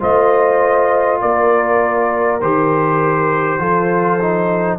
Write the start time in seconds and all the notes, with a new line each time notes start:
0.00 A3 F4 C5 D#5
1.21 A#3 A#4 D5
2.41 D#3 G4 C5
3.59 F3 F4 A4
4.21 D#4